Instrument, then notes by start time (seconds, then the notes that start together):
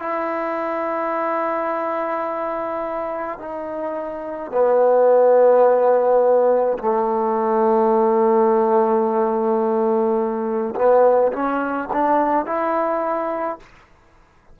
trombone
0.00 E4
3.40 D#4
4.52 B3
6.79 A3
10.75 B3
11.33 C#4
11.93 D4
12.46 E4